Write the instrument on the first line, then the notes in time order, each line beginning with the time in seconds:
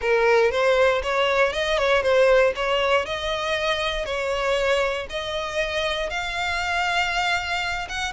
violin
0.01 A#4
0.51 C5
1.02 C#5
1.53 D#5
1.78 C#5
2.02 C5
2.55 C#5
3.05 D#5
4.05 C#5
5.09 D#5
6.09 F5
7.88 F#5